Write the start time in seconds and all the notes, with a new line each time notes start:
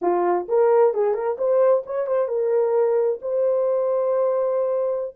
0.01 F4
0.48 A#4
0.93 G#4
1.13 A#4
1.37 C5
1.86 C#5
2.07 C5
2.28 A#4
3.21 C5